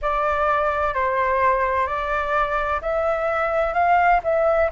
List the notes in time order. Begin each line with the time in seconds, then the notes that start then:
0.01 D5
0.94 C5
1.86 D5
2.81 E5
3.73 F5
4.23 E5